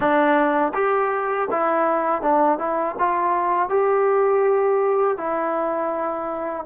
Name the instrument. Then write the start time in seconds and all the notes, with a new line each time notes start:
trombone
0.00 D4
0.74 G4
1.50 E4
2.22 D4
2.58 E4
2.98 F4
3.69 G4
5.17 E4